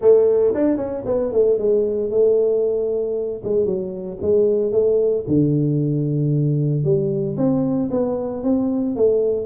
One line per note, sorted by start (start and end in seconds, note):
0.01 0.54 A3
0.54 0.76 D4
0.76 1.03 C#4
1.05 1.32 B3
1.32 1.58 A3
1.58 2.10 G#3
2.10 3.42 A3
3.44 3.65 G#3
3.65 4.18 F#3
4.21 4.72 G#3
4.72 5.24 A3
5.27 6.83 D3
6.83 7.36 G3
7.37 7.89 C4
7.90 8.43 B3
8.43 8.96 C4
8.96 9.46 A3